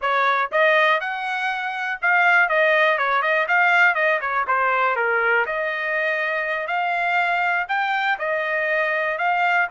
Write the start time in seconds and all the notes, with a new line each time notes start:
0.01 C#5
0.51 D#5
1.00 F#5
2.01 F5
2.48 D#5
2.98 C#5
3.22 D#5
3.47 F5
3.94 D#5
4.21 C#5
4.47 C5
4.96 A#4
5.45 D#5
6.67 F5
7.68 G5
8.18 D#5
9.18 F5